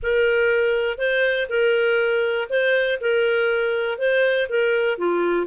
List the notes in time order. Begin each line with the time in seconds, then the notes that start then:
0.02 A#4
0.98 C5
1.49 A#4
2.49 C5
3.00 A#4
3.98 C5
4.49 A#4
4.97 F4